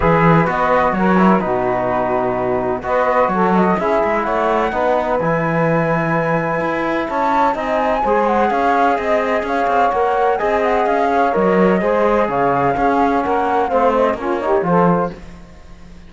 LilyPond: <<
  \new Staff \with { instrumentName = "flute" } { \time 4/4 \tempo 4 = 127 e''4 dis''4 cis''4 b'4~ | b'2 dis''4 cis''8 dis''8 | e''4 fis''2 gis''4~ | gis''2. a''4 |
gis''4. fis''8 f''4 dis''4 | f''4 fis''4 gis''8 fis''8 f''4 | dis''2 f''2 | fis''4 f''8 dis''8 cis''4 c''4 | }
  \new Staff \with { instrumentName = "saxophone" } { \time 4/4 b'2 ais'4 fis'4~ | fis'2 b'4 a'4 | gis'4 cis''4 b'2~ | b'2. cis''4 |
dis''4 c''4 cis''4 dis''4 | cis''2 dis''4. cis''8~ | cis''4 c''4 cis''4 gis'4 | ais'4 c''4 f'8 g'8 a'4 | }
  \new Staff \with { instrumentName = "trombone" } { \time 4/4 gis'4 fis'4. e'8 dis'4~ | dis'2 fis'2 | e'2 dis'4 e'4~ | e'1 |
dis'4 gis'2.~ | gis'4 ais'4 gis'2 | ais'4 gis'2 cis'4~ | cis'4 c'4 cis'8 dis'8 f'4 | }
  \new Staff \with { instrumentName = "cello" } { \time 4/4 e4 b4 fis4 b,4~ | b,2 b4 fis4 | cis'8 gis8 a4 b4 e4~ | e2 e'4 cis'4 |
c'4 gis4 cis'4 c'4 | cis'8 c'8 ais4 c'4 cis'4 | fis4 gis4 cis4 cis'4 | ais4 a4 ais4 f4 | }
>>